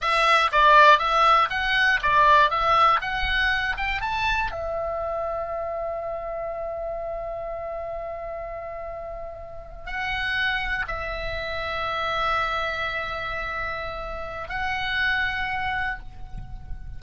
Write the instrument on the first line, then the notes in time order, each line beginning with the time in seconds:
oboe
0.01 E5
0.51 D5
0.99 E5
1.50 F#5
2.02 D5
2.50 E5
3.01 F#5
3.77 G5
4.01 A5
4.51 E5
9.86 F#5
10.88 E5
14.48 F#5